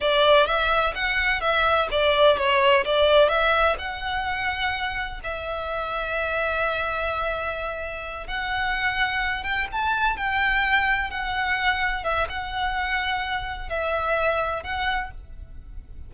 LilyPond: \new Staff \with { instrumentName = "violin" } { \time 4/4 \tempo 4 = 127 d''4 e''4 fis''4 e''4 | d''4 cis''4 d''4 e''4 | fis''2. e''4~ | e''1~ |
e''4. fis''2~ fis''8 | g''8 a''4 g''2 fis''8~ | fis''4. e''8 fis''2~ | fis''4 e''2 fis''4 | }